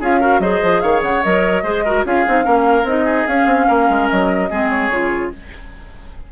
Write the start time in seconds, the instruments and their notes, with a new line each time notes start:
0.00 bassoon C#4, clarinet F4, oboe G#4, flute F5
0.20 clarinet F#4, oboe A#4
0.39 bassoon F#3, clarinet G#4, oboe C5, flute D#5
0.62 bassoon F3
0.81 bassoon D#3, oboe C#5, flute F5
1.02 bassoon C#3, flute F#5
1.23 bassoon F#3, clarinet A#4, flute D#5
1.63 bassoon G#3, clarinet G#4, oboe C5
1.85 clarinet F#4, oboe A#4
2.05 bassoon C#4, clarinet F4, oboe G#4, flute F5
2.27 bassoon C4, clarinet D#4
2.42 bassoon A#3, clarinet C#4, oboe A#4
2.83 bassoon C4, clarinet D#4, flute D#5
3.05 oboe G#4
3.27 bassoon C#4, clarinet C#4, flute F5
3.46 bassoon C4
3.67 bassoon A#3, oboe A#4
3.89 bassoon G#3
4.09 bassoon F#3, flute D#5
4.50 bassoon G#3, clarinet C4, oboe G#4
4.69 flute C#5
4.90 bassoon C#3, clarinet F4